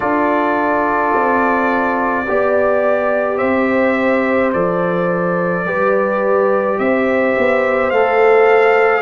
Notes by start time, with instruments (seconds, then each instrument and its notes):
0.00 tuba D4, trombone F4, horn A4, trumpet D5
1.13 tuba C4
2.27 tuba B3, trombone G4, horn D5
3.37 tuba C4, horn C5, trumpet E5
4.53 tuba F3, trombone A4, trumpet D5
5.65 tuba G3, trombone G4, horn B4
6.79 tuba C4, horn C5, trumpet E5
7.37 tuba B3
7.90 tuba A3, trombone A4, trumpet F5